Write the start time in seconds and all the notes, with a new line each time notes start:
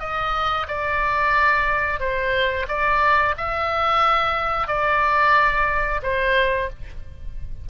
0.00 D#5
0.68 D5
2.00 C5
2.68 D5
3.37 E5
4.68 D5
6.03 C5